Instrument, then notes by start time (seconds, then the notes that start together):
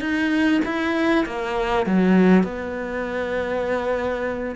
cello
0.00 D#4
0.65 E4
1.26 A#3
1.86 F#3
2.43 B3